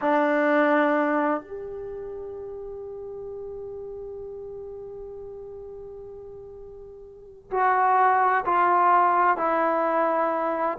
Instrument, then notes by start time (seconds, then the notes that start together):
trombone
0.01 D4
1.41 G4
7.50 F#4
8.45 F4
9.37 E4